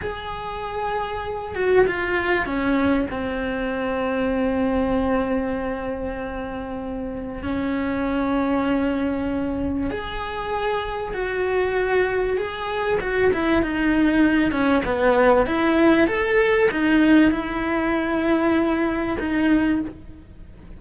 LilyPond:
\new Staff \with { instrumentName = "cello" } { \time 4/4 \tempo 4 = 97 gis'2~ gis'8 fis'8 f'4 | cis'4 c'2.~ | c'1 | cis'1 |
gis'2 fis'2 | gis'4 fis'8 e'8 dis'4. cis'8 | b4 e'4 a'4 dis'4 | e'2. dis'4 | }